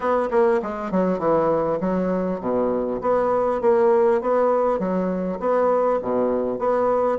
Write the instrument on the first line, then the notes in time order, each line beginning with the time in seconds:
bassoon
0.00 B3
0.31 A#3
0.62 G#3
0.91 F#3
1.18 E3
1.80 F#3
2.40 B2
3.01 B3
3.61 A#3
4.21 B3
4.79 F#3
5.39 B3
6.02 B2
6.58 B3